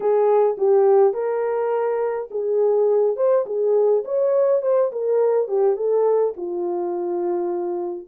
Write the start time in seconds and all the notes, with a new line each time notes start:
0.00 G#4
0.57 G4
1.13 A#4
2.31 G#4
3.16 C5
3.46 G#4
4.04 C#5
4.62 C5
4.91 A#4
5.48 G4
5.76 A4
6.36 F4